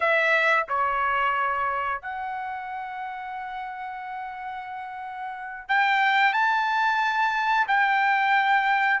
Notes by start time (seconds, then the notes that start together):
0.00 E5
0.68 C#5
2.01 F#5
5.68 G5
6.33 A5
7.67 G5